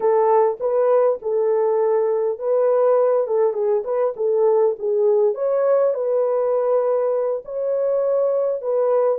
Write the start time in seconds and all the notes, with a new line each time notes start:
0.00 A4
0.59 B4
1.22 A4
2.38 B4
3.27 A4
3.53 G#4
3.84 B4
4.16 A4
4.78 G#4
5.34 C#5
5.94 B4
7.44 C#5
8.61 B4